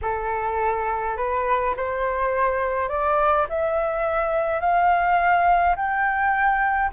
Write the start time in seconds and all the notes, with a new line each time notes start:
0.01 A4
1.17 B4
1.76 C5
2.88 D5
3.49 E5
4.60 F5
5.76 G5